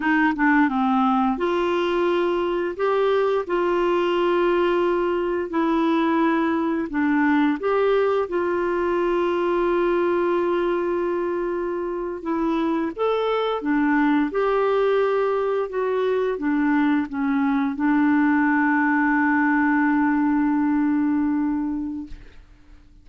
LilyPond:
\new Staff \with { instrumentName = "clarinet" } { \time 4/4 \tempo 4 = 87 dis'8 d'8 c'4 f'2 | g'4 f'2. | e'2 d'4 g'4 | f'1~ |
f'4.~ f'16 e'4 a'4 d'16~ | d'8. g'2 fis'4 d'16~ | d'8. cis'4 d'2~ d'16~ | d'1 | }